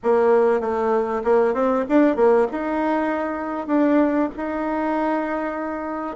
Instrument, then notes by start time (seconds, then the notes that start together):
bassoon
0.03 A#3
0.60 A3
1.23 A#3
1.54 C4
1.88 D4
2.15 A#3
2.51 D#4
3.67 D4
4.37 D#4